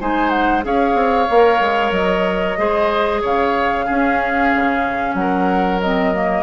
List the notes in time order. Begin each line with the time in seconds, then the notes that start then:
0.00 G#3 D#4 C5 G#5
0.29 F#5
0.62 C#4 G#4 C#5 F5
0.94 C4
1.30 A#3 A#4
1.60 G#3
1.91 F#3 D#5
2.58 G#3 G#4 C5
3.22 C#3 C#5 F5
3.85 C#4 G#4
4.55 C#3
5.14 F#3 F#5
5.20 A#4
5.80 C4 D#5
6.13 A#3